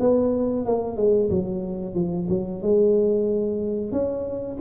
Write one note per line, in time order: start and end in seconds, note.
0.00 0.66 B3
0.66 0.97 A#3
0.97 1.30 G#3
1.31 1.95 F#3
1.95 2.28 F3
2.30 2.62 F#3
2.62 3.92 G#3
3.92 4.58 C#4